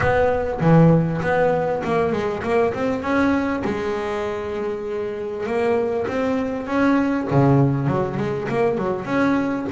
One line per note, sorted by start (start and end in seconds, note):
0.00 0.60 B3
0.60 1.20 E3
1.21 1.82 B3
1.84 2.12 A#3
2.12 2.42 G#3
2.43 2.73 A#3
2.73 3.02 C4
3.02 3.63 C#4
3.64 5.46 G#3
5.46 6.07 A#3
6.07 6.66 C4
6.66 7.27 C#4
7.30 7.87 C#3
7.87 8.17 F#3
8.17 8.47 G#3
8.48 8.77 A#3
8.77 9.05 F#3
9.05 9.65 C#4